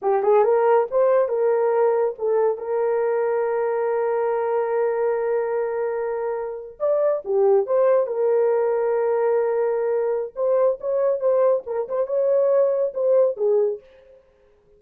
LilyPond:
\new Staff \with { instrumentName = "horn" } { \time 4/4 \tempo 4 = 139 g'8 gis'8 ais'4 c''4 ais'4~ | ais'4 a'4 ais'2~ | ais'1~ | ais'2.~ ais'8. d''16~ |
d''8. g'4 c''4 ais'4~ ais'16~ | ais'1 | c''4 cis''4 c''4 ais'8 c''8 | cis''2 c''4 gis'4 | }